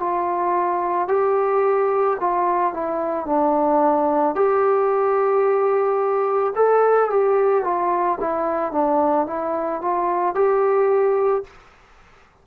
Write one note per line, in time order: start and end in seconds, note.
0.00 1.08 F4
1.08 2.17 G4
2.20 2.74 F4
2.74 3.26 E4
3.26 4.35 D4
4.35 6.54 G4
6.56 7.10 A4
7.10 7.64 G4
7.64 8.19 F4
8.21 8.72 E4
8.72 9.27 D4
9.27 9.82 E4
9.82 10.35 F4
10.35 11.44 G4